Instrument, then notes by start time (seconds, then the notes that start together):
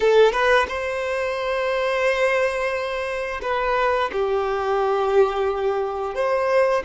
violin
0.00 A4
0.32 B4
0.68 C5
3.42 B4
4.12 G4
6.15 C5